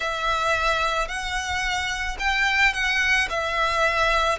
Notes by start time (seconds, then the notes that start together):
0.00 E5
1.08 F#5
2.19 G5
2.73 F#5
3.29 E5